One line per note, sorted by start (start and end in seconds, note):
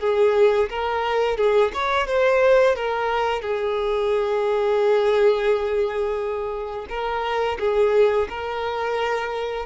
0.00 0.69 G#4
0.70 1.37 A#4
1.37 1.71 G#4
1.74 2.07 C#5
2.07 2.76 C5
2.76 3.41 A#4
3.41 6.86 G#4
6.89 7.58 A#4
7.59 8.28 G#4
8.29 9.66 A#4